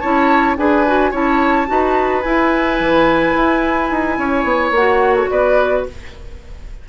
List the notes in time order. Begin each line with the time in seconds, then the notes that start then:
0.00 C#4 E4 C#5 A5
0.58 D4 G#4 B4 G#5
0.87 F#4
1.11 C#4 E4 C#5 A5
1.67 D#4 F#4 B4
2.22 E4 G#5
2.80 E3
3.36 E4
3.91 D#4
4.18 C#4 C#5
4.44 B3
4.71 A#3 F#5
4.78 F#4
5.15 A4
5.31 B3 B4 D5